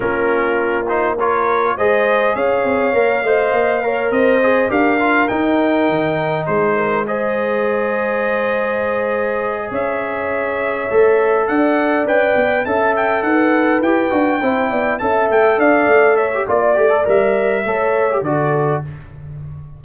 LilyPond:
<<
  \new Staff \with { instrumentName = "trumpet" } { \time 4/4 \tempo 4 = 102 ais'4. c''8 cis''4 dis''4 | f''2. dis''4 | f''4 g''2 c''4 | dis''1~ |
dis''8 e''2. fis''8~ | fis''8 g''4 a''8 g''8 fis''4 g''8~ | g''4. a''8 g''8 f''4 e''8 | d''4 e''2 d''4 | }
  \new Staff \with { instrumentName = "horn" } { \time 4/4 f'2 ais'4 c''4 | cis''4. dis''4 cis''8 c''4 | ais'2. gis'8 ais'8 | c''1~ |
c''8 cis''2. d''8~ | d''4. e''4 b'4.~ | b'8 c''8 d''8 e''4 d''4 cis''8 | d''2 cis''4 a'4 | }
  \new Staff \with { instrumentName = "trombone" } { \time 4/4 cis'4. dis'8 f'4 gis'4~ | gis'4 ais'8 c''4 ais'4 gis'8 | g'8 f'8 dis'2. | gis'1~ |
gis'2~ gis'8 a'4.~ | a'8 b'4 a'2 g'8 | fis'8 e'4 a'2~ a'16 g'16 | f'8 g'16 a'16 ais'4 a'8. g'16 fis'4 | }
  \new Staff \with { instrumentName = "tuba" } { \time 4/4 ais2. gis4 | cis'8 c'8 ais8 a8 ais4 c'4 | d'4 dis'4 dis4 gis4~ | gis1~ |
gis8 cis'2 a4 d'8~ | d'8 cis'8 b8 cis'4 dis'4 e'8 | d'8 c'8 b8 cis'8 a8 d'8 a4 | ais8 a8 g4 a4 d4 | }
>>